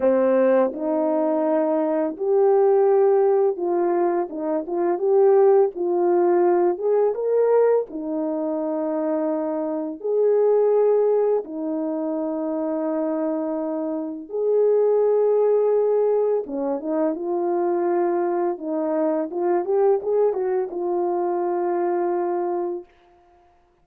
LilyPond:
\new Staff \with { instrumentName = "horn" } { \time 4/4 \tempo 4 = 84 c'4 dis'2 g'4~ | g'4 f'4 dis'8 f'8 g'4 | f'4. gis'8 ais'4 dis'4~ | dis'2 gis'2 |
dis'1 | gis'2. cis'8 dis'8 | f'2 dis'4 f'8 g'8 | gis'8 fis'8 f'2. | }